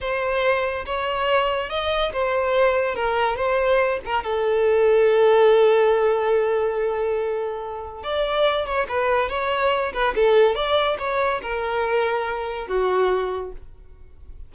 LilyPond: \new Staff \with { instrumentName = "violin" } { \time 4/4 \tempo 4 = 142 c''2 cis''2 | dis''4 c''2 ais'4 | c''4. ais'8 a'2~ | a'1~ |
a'2. d''4~ | d''8 cis''8 b'4 cis''4. b'8 | a'4 d''4 cis''4 ais'4~ | ais'2 fis'2 | }